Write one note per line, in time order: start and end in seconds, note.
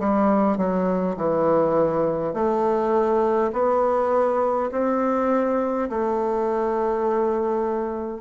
0.00 0.58 G3
0.58 1.17 F#3
1.17 2.34 E3
2.34 3.52 A3
3.53 4.71 B3
4.72 5.89 C4
5.90 8.21 A3